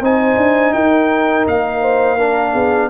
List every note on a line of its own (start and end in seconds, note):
0.00 0.36 C4
0.00 2.18 D#4
0.00 0.74 C5
0.00 0.73 G#5
0.37 0.73 D4
0.73 1.46 D#4
0.73 1.81 A#4
0.73 1.45 G5
1.47 2.54 A#3
1.47 2.89 F5
1.81 2.17 C5
2.17 2.89 D4
2.17 2.52 A#4
2.52 2.89 B3
2.52 2.89 G#4